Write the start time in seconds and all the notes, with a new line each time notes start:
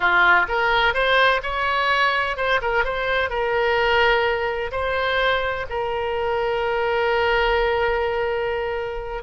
0.00 F4
0.48 A#4
0.94 C5
1.42 C#5
2.36 C5
2.61 A#4
2.84 C5
3.29 A#4
4.71 C5
5.69 A#4